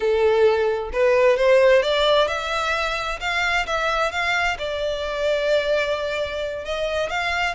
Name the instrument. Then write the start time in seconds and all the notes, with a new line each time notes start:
violin
0.00 A4
0.93 B4
1.36 C5
1.82 D5
2.27 E5
3.20 F5
3.66 E5
4.11 F5
4.58 D5
6.65 D#5
7.09 F5